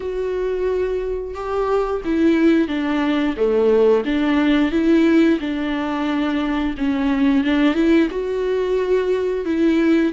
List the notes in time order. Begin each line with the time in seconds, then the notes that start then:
0.00 F#4
1.34 G4
2.04 E4
2.68 D4
3.36 A3
4.04 D4
4.71 E4
5.40 D4
6.77 C#4
7.43 D4
7.74 E4
8.10 F#4
9.45 E4